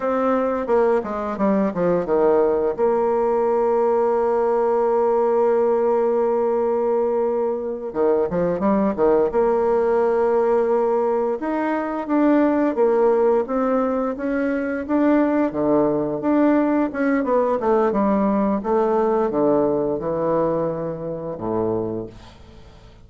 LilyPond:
\new Staff \with { instrumentName = "bassoon" } { \time 4/4 \tempo 4 = 87 c'4 ais8 gis8 g8 f8 dis4 | ais1~ | ais2.~ ais8 dis8 | f8 g8 dis8 ais2~ ais8~ |
ais8 dis'4 d'4 ais4 c'8~ | c'8 cis'4 d'4 d4 d'8~ | d'8 cis'8 b8 a8 g4 a4 | d4 e2 a,4 | }